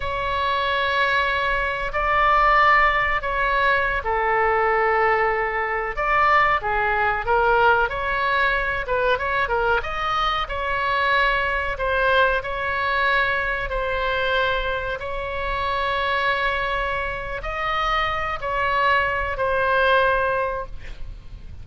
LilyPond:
\new Staff \with { instrumentName = "oboe" } { \time 4/4 \tempo 4 = 93 cis''2. d''4~ | d''4 cis''4~ cis''16 a'4.~ a'16~ | a'4~ a'16 d''4 gis'4 ais'8.~ | ais'16 cis''4. b'8 cis''8 ais'8 dis''8.~ |
dis''16 cis''2 c''4 cis''8.~ | cis''4~ cis''16 c''2 cis''8.~ | cis''2. dis''4~ | dis''8 cis''4. c''2 | }